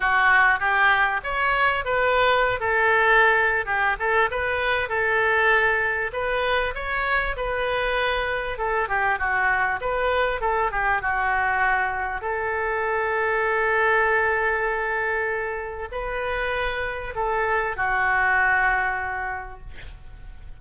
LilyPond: \new Staff \with { instrumentName = "oboe" } { \time 4/4 \tempo 4 = 98 fis'4 g'4 cis''4 b'4~ | b'16 a'4.~ a'16 g'8 a'8 b'4 | a'2 b'4 cis''4 | b'2 a'8 g'8 fis'4 |
b'4 a'8 g'8 fis'2 | a'1~ | a'2 b'2 | a'4 fis'2. | }